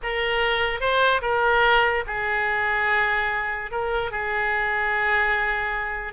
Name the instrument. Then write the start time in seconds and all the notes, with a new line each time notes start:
oboe
0.02 A#4
0.80 C5
1.21 A#4
2.06 G#4
3.71 A#4
4.11 G#4